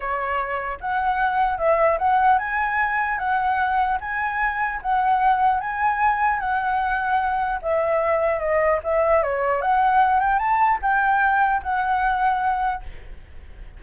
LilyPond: \new Staff \with { instrumentName = "flute" } { \time 4/4 \tempo 4 = 150 cis''2 fis''2 | e''4 fis''4 gis''2 | fis''2 gis''2 | fis''2 gis''2 |
fis''2. e''4~ | e''4 dis''4 e''4 cis''4 | fis''4. g''8 a''4 g''4~ | g''4 fis''2. | }